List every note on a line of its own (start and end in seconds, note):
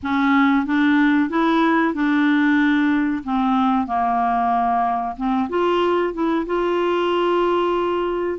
0.02 0.66 C#4
0.66 1.29 D4
1.29 1.94 E4
1.94 3.23 D4
3.24 3.87 C4
3.87 5.16 A#3
5.16 5.48 C4
5.49 6.13 F4
6.13 6.45 E4
6.46 8.38 F4